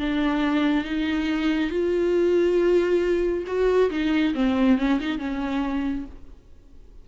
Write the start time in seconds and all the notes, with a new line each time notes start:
0.00 D4
0.85 D#4
1.71 F4
3.47 F#4
3.91 D#4
4.35 C4
4.79 C#4
5.01 D#4
5.19 C#4